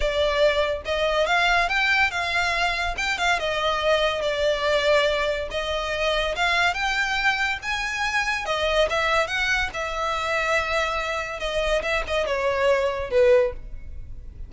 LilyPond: \new Staff \with { instrumentName = "violin" } { \time 4/4 \tempo 4 = 142 d''2 dis''4 f''4 | g''4 f''2 g''8 f''8 | dis''2 d''2~ | d''4 dis''2 f''4 |
g''2 gis''2 | dis''4 e''4 fis''4 e''4~ | e''2. dis''4 | e''8 dis''8 cis''2 b'4 | }